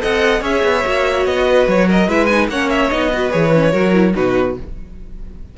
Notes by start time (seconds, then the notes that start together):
0.00 C4 A4 D#5 F#5
0.41 C#4 G#4 C#5 E5
0.63 B3
0.84 A#3 F#4
1.25 B3 D#5
1.46 B4
1.67 F#3 C#5
1.87 A#4 D#5
2.08 G#3 E4 B4 E5
2.26 D#4 G#5
2.48 A#3 C#4 C#5 F#5
2.69 E5
2.90 B3 D#4 D#5
3.10 F#4 B4
3.30 E3 G#4 C#5
3.53 C#4
3.72 F#3 F#4 A#4
3.93 E4
4.14 B2 D#4 F#4 B4